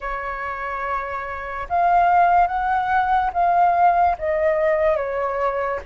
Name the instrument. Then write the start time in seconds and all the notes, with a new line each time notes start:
flute
0.00 C#5
1.69 F5
2.47 F#5
3.33 F5
4.18 D#5
4.96 C#5